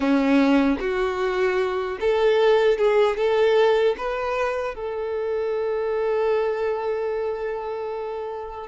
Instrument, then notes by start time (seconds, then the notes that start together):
violin
0.00 C#4
0.80 F#4
2.00 A4
2.78 G#4
3.16 A4
3.97 B4
4.74 A4